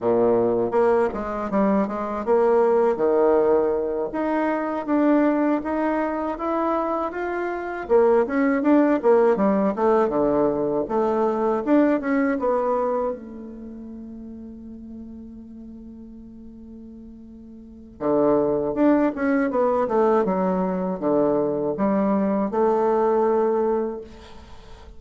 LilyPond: \new Staff \with { instrumentName = "bassoon" } { \time 4/4 \tempo 4 = 80 ais,4 ais8 gis8 g8 gis8 ais4 | dis4. dis'4 d'4 dis'8~ | dis'8 e'4 f'4 ais8 cis'8 d'8 | ais8 g8 a8 d4 a4 d'8 |
cis'8 b4 a2~ a8~ | a1 | d4 d'8 cis'8 b8 a8 fis4 | d4 g4 a2 | }